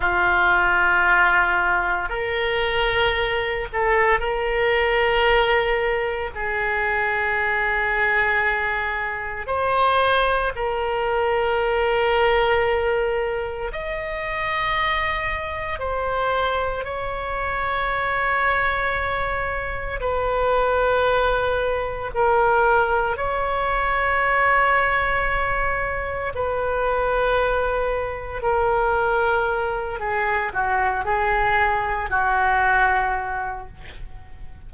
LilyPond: \new Staff \with { instrumentName = "oboe" } { \time 4/4 \tempo 4 = 57 f'2 ais'4. a'8 | ais'2 gis'2~ | gis'4 c''4 ais'2~ | ais'4 dis''2 c''4 |
cis''2. b'4~ | b'4 ais'4 cis''2~ | cis''4 b'2 ais'4~ | ais'8 gis'8 fis'8 gis'4 fis'4. | }